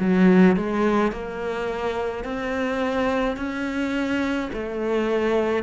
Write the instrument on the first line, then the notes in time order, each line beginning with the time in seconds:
cello
0.00 F#3
0.57 G#3
1.12 A#3
2.24 C4
3.37 C#4
4.53 A3